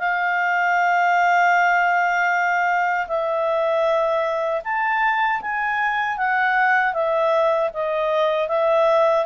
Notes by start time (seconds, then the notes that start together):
0.00 F5
3.08 E5
4.65 A5
5.42 G#5
6.18 F#5
6.94 E5
7.74 D#5
8.49 E5